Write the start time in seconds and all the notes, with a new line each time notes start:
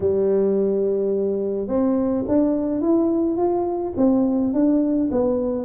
0.00 G3
1.67 C4
2.28 D4
2.81 E4
3.37 F4
3.96 C4
4.53 D4
5.11 B3